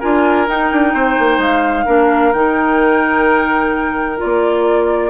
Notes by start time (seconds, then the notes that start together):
0.00 D4 F4 A#4 G#5
0.48 D#4 G5
0.72 D4
0.94 C4 C5
1.19 A#3
1.38 G#3 F5
1.86 A#3 D4 A#4
2.33 D#3 D#4 G5
4.18 F4 D5
4.24 A#3